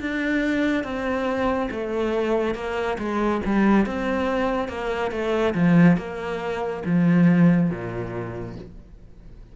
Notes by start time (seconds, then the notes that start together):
0.00 D4
0.83 C4
1.70 A3
2.54 A#3
2.98 G#3
3.45 G3
3.86 C4
4.68 A#3
5.11 A3
5.54 F3
5.97 A#3
6.85 F3
7.69 A#2